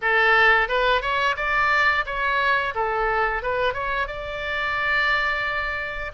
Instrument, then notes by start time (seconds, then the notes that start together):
oboe
0.01 A4
0.68 B4
1.01 C#5
1.36 D5
2.05 C#5
2.75 A4
3.42 B4
3.73 C#5
4.07 D5